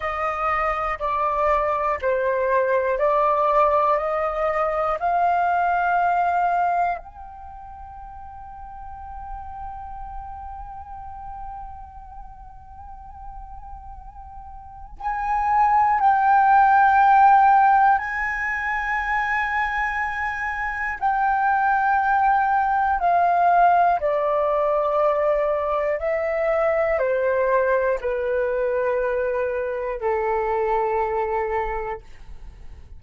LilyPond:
\new Staff \with { instrumentName = "flute" } { \time 4/4 \tempo 4 = 60 dis''4 d''4 c''4 d''4 | dis''4 f''2 g''4~ | g''1~ | g''2. gis''4 |
g''2 gis''2~ | gis''4 g''2 f''4 | d''2 e''4 c''4 | b'2 a'2 | }